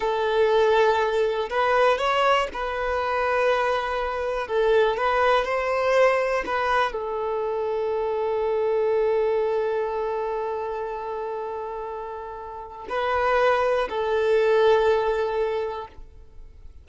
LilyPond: \new Staff \with { instrumentName = "violin" } { \time 4/4 \tempo 4 = 121 a'2. b'4 | cis''4 b'2.~ | b'4 a'4 b'4 c''4~ | c''4 b'4 a'2~ |
a'1~ | a'1~ | a'2 b'2 | a'1 | }